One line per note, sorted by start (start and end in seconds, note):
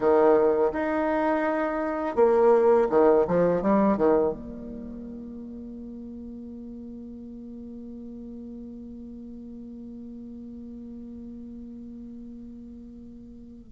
0.00 0.72 D#3
0.72 2.15 D#4
2.15 2.87 A#3
2.89 3.25 D#3
3.27 3.62 F3
3.62 3.97 G3
3.97 4.32 D#3
4.32 13.72 A#3